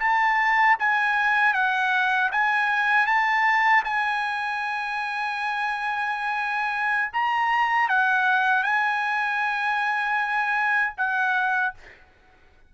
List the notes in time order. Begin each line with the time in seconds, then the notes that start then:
0.00 A5
0.79 G#5
1.54 F#5
2.32 G#5
3.07 A5
3.85 G#5
7.13 A#5
7.89 F#5
8.64 G#5
10.97 F#5